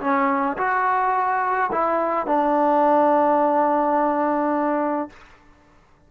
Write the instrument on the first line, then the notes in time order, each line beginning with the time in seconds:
trombone
0.00 C#4
0.57 F#4
1.72 E4
2.26 D4